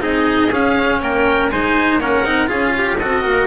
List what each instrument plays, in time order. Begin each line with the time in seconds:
0.00 double bass C4, cello D#4, trumpet G#4, oboe D#5
0.51 double bass C#4, cello C#4, oboe F5
1.01 double bass A#3, trumpet A#4, oboe G5
1.51 double bass G#3, cello D#4, trumpet C5, oboe G#5
1.97 double bass A#3, cello C#4, trumpet A#4, oboe F#5
2.24 double bass C4, cello D#4
2.47 double bass C#4, cello F4, trumpet G#4, oboe F5
2.77 trumpet G4
2.98 double bass C4, cello F#4, trumpet A4, oboe D#5
3.22 double bass A#3, trumpet A#4